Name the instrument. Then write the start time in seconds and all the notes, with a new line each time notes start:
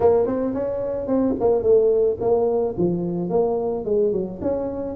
tuba
0.00 A#3
0.26 C4
0.54 C#4
1.07 C4
1.40 A#3
1.62 A3
2.20 A#3
2.77 F3
3.29 A#3
3.84 G#3
4.12 F#3
4.41 C#4